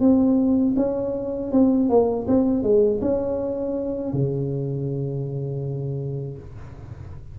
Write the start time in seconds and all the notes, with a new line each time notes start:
0.00 C4
0.77 C#4
1.52 C4
1.89 A#3
2.28 C4
2.63 G#3
3.01 C#4
4.13 C#3